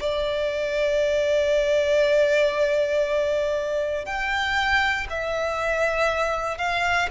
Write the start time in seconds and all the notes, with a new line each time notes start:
0.00 D5
4.05 G5
5.10 E5
6.58 F5